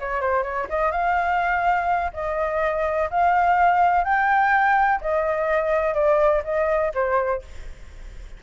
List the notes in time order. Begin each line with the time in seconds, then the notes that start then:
0.00 C#5
0.21 C5
0.43 C#5
0.69 D#5
0.92 F5
2.14 D#5
3.10 F5
4.05 G5
5.01 D#5
5.94 D5
6.44 D#5
6.94 C5